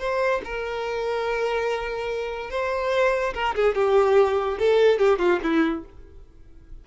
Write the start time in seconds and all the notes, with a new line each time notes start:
0.00 C5
0.45 A#4
2.51 C5
3.34 A#4
3.56 G#4
3.75 G4
4.59 A4
4.99 G4
5.19 F4
5.43 E4